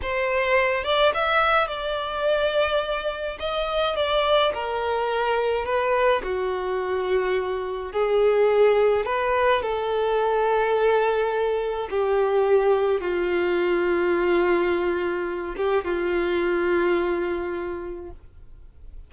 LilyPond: \new Staff \with { instrumentName = "violin" } { \time 4/4 \tempo 4 = 106 c''4. d''8 e''4 d''4~ | d''2 dis''4 d''4 | ais'2 b'4 fis'4~ | fis'2 gis'2 |
b'4 a'2.~ | a'4 g'2 f'4~ | f'2.~ f'8 g'8 | f'1 | }